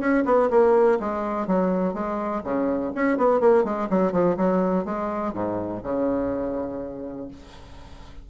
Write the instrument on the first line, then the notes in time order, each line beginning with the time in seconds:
bassoon
0.00 C#4
0.25 B3
0.50 A#3
1.00 G#3
1.47 F#3
1.94 G#3
2.44 C#3
2.95 C#4
3.18 B3
3.40 A#3
3.64 G#3
3.90 F#3
4.12 F3
4.37 F#3
4.85 G#3
5.33 G#2
5.83 C#3